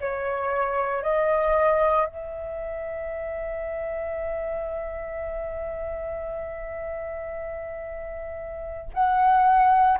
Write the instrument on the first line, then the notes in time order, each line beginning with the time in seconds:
flute
0.00 C#5
1.03 D#5
2.05 E5
8.93 F#5